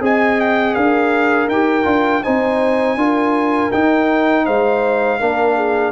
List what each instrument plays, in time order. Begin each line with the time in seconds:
0.00 tuba C4, trombone G#4, horn D#5, trumpet G#5
0.40 trumpet G5
0.74 tuba D4, horn A#4, trumpet F5
1.47 tuba D#4, trombone G4, trumpet G5
1.83 tuba D4, trombone F4
2.23 tuba C4, trombone D#4, horn C5, trumpet G#5
2.96 tuba D4, trombone F4, horn A#4
3.71 trombone D#4, tuba D#4, trumpet G5
4.44 tuba G#3, horn C5, trumpet F5
5.19 tuba A#3, trombone D4, horn A#4
5.56 horn G#4